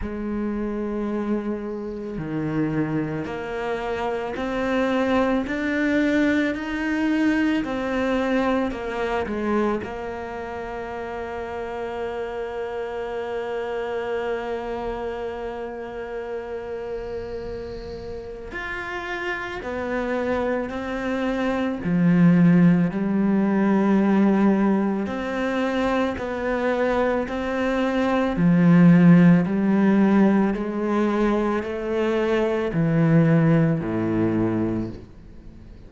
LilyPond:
\new Staff \with { instrumentName = "cello" } { \time 4/4 \tempo 4 = 55 gis2 dis4 ais4 | c'4 d'4 dis'4 c'4 | ais8 gis8 ais2.~ | ais1~ |
ais4 f'4 b4 c'4 | f4 g2 c'4 | b4 c'4 f4 g4 | gis4 a4 e4 a,4 | }